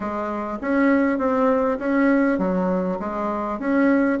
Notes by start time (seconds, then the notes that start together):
0.00 G#3
0.61 C#4
1.18 C4
1.78 C#4
2.38 F#3
2.99 G#3
3.59 C#4